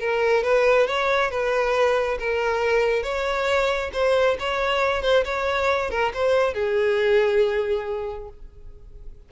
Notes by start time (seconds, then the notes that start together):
0.00 A#4
0.44 B4
0.87 C#5
1.31 B4
2.19 A#4
3.03 C#5
3.93 C5
4.40 C#5
5.02 C5
5.25 C#5
5.90 A#4
6.14 C5
6.54 G#4